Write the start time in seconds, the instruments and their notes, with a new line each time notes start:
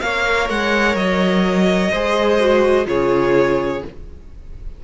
0.00 cello A#3, viola A#4, violin C#5 F5
0.49 cello G#3, violin F#5
0.95 cello F#3, violin D#5
1.91 cello G#3, viola G#4, violin C5
2.40 viola F#4
2.85 cello C#3, viola F4, violin G#4 C#5